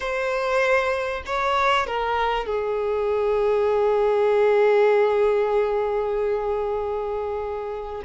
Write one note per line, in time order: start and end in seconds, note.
0.00 1.23 C5
1.26 1.86 C#5
1.86 2.46 A#4
2.46 8.02 G#4